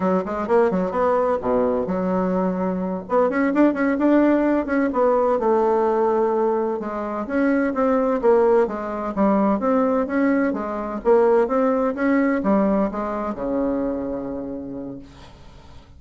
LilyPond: \new Staff \with { instrumentName = "bassoon" } { \time 4/4 \tempo 4 = 128 fis8 gis8 ais8 fis8 b4 b,4 | fis2~ fis8 b8 cis'8 d'8 | cis'8 d'4. cis'8 b4 a8~ | a2~ a8 gis4 cis'8~ |
cis'8 c'4 ais4 gis4 g8~ | g8 c'4 cis'4 gis4 ais8~ | ais8 c'4 cis'4 g4 gis8~ | gis8 cis2.~ cis8 | }